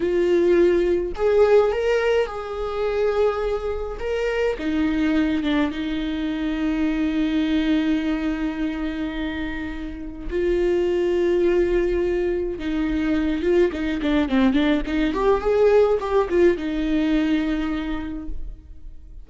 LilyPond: \new Staff \with { instrumentName = "viola" } { \time 4/4 \tempo 4 = 105 f'2 gis'4 ais'4 | gis'2. ais'4 | dis'4. d'8 dis'2~ | dis'1~ |
dis'2 f'2~ | f'2 dis'4. f'8 | dis'8 d'8 c'8 d'8 dis'8 g'8 gis'4 | g'8 f'8 dis'2. | }